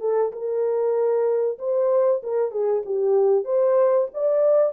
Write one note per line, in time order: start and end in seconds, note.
0.00 0.32 A4
0.32 1.58 A#4
1.58 2.22 C5
2.23 2.51 A#4
2.51 2.83 G#4
2.85 3.44 G4
3.44 4.08 C5
4.14 4.73 D5